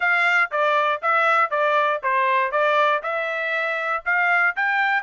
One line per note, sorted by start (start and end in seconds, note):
0.00 0.50 F5
0.51 1.01 D5
1.02 1.50 E5
1.50 2.00 D5
2.02 2.51 C5
2.51 3.02 D5
3.03 4.03 E5
4.05 4.55 F5
4.56 5.03 G5